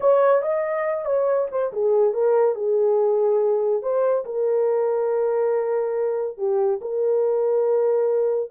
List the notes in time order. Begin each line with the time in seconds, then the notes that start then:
0.00 C#5
0.42 D#5
1.05 C#5
1.51 C5
1.72 G#4
2.13 A#4
2.55 G#4
3.82 C5
4.25 A#4
6.37 G4
6.81 A#4